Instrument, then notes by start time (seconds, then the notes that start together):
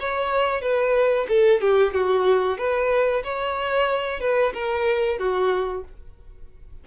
violin
0.00 C#5
0.62 B4
1.29 A4
1.61 G4
1.94 F#4
2.58 B4
3.24 C#5
4.21 B4
4.54 A#4
5.19 F#4